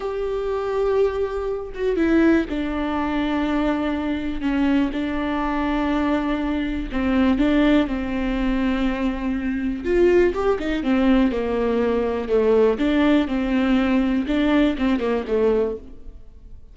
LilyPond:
\new Staff \with { instrumentName = "viola" } { \time 4/4 \tempo 4 = 122 g'2.~ g'8 fis'8 | e'4 d'2.~ | d'4 cis'4 d'2~ | d'2 c'4 d'4 |
c'1 | f'4 g'8 dis'8 c'4 ais4~ | ais4 a4 d'4 c'4~ | c'4 d'4 c'8 ais8 a4 | }